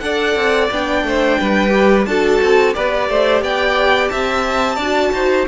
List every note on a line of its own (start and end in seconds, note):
0.00 0.36 D4
0.00 0.70 A4
0.00 1.06 D5
0.00 0.68 F#5
0.36 0.70 C4
0.71 1.04 B3
0.71 1.69 D4
0.71 2.05 G5
1.04 1.38 A3
1.04 1.39 C5
1.39 2.07 G3
1.39 2.08 B4
1.69 2.03 G4
2.05 2.41 D4
2.05 2.73 F#4
2.05 2.75 A4
2.05 2.74 A5
2.42 2.76 C4
2.73 3.09 B3
2.73 4.78 G4
2.73 3.09 B4
2.73 3.42 D5
3.09 3.42 A3
3.09 3.43 C5
3.42 4.10 B3
3.42 4.11 D5
3.42 4.09 G5
4.09 4.77 C4
4.09 4.76 E5
4.09 5.45 A5
4.76 5.11 D4
4.76 5.48 F#4
4.76 5.10 D5
5.13 5.47 D#4
5.13 5.48 C5